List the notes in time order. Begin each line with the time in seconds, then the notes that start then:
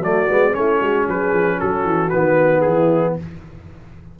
0.00 F#3 A3 F#4 D5
0.29 G#3 B3
0.52 A3 C#4 C#5
0.58 E4
0.80 G#3 F#4
1.08 F#3 G#4 B4
1.33 F3
1.57 F#3 F#4 A4
1.85 E3
2.10 D#3 B3 B4
2.61 E3 E4 G#4